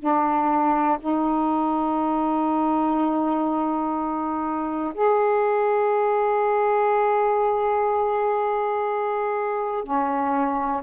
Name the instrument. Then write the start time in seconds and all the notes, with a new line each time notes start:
saxophone
0.00 D4
1.00 D#4
4.94 G#4
9.84 C#4